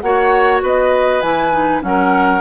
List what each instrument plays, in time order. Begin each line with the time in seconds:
0.00 bassoon A#3, clarinet F#4, oboe C#5, flute F#5
0.62 bassoon B3, oboe B4, flute D#5
1.21 bassoon E3, clarinet E4, flute G#5
1.52 clarinet D#4
1.81 bassoon F#3, clarinet C#4, flute F#5
1.87 oboe A#4